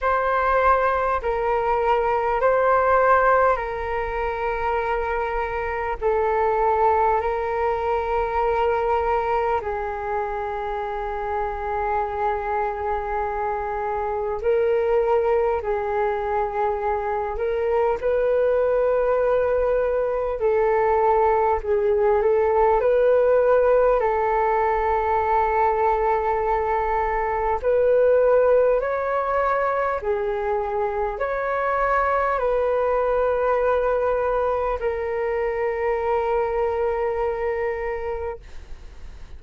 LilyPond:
\new Staff \with { instrumentName = "flute" } { \time 4/4 \tempo 4 = 50 c''4 ais'4 c''4 ais'4~ | ais'4 a'4 ais'2 | gis'1 | ais'4 gis'4. ais'8 b'4~ |
b'4 a'4 gis'8 a'8 b'4 | a'2. b'4 | cis''4 gis'4 cis''4 b'4~ | b'4 ais'2. | }